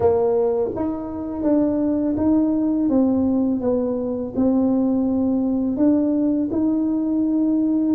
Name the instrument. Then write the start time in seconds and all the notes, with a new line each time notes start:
tuba
0.00 A#3
0.75 D#4
1.43 D4
2.17 D#4
2.89 C4
3.60 B3
4.35 C4
5.76 D4
6.51 D#4